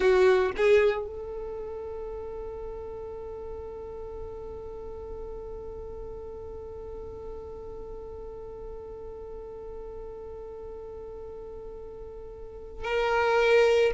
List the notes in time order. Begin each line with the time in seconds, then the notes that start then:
0.00 F#4
0.56 G#4
1.07 A4
12.84 A#4